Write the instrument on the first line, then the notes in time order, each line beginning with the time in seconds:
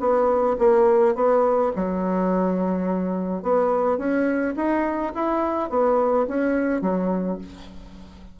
bassoon
0.00 B3
0.58 A#3
1.15 B3
1.76 F#3
3.42 B3
3.98 C#4
4.56 D#4
5.15 E4
5.70 B3
6.28 C#4
6.81 F#3